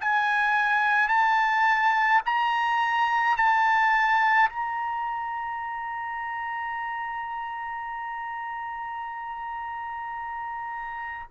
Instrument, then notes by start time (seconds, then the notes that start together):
trumpet
0.00 G#5
1.08 A5
2.25 A#5
3.37 A5
4.49 A#5